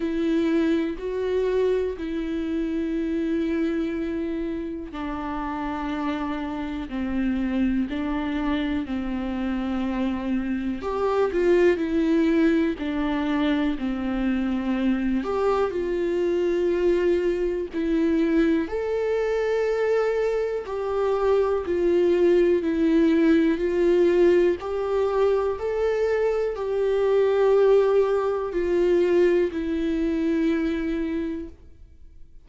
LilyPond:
\new Staff \with { instrumentName = "viola" } { \time 4/4 \tempo 4 = 61 e'4 fis'4 e'2~ | e'4 d'2 c'4 | d'4 c'2 g'8 f'8 | e'4 d'4 c'4. g'8 |
f'2 e'4 a'4~ | a'4 g'4 f'4 e'4 | f'4 g'4 a'4 g'4~ | g'4 f'4 e'2 | }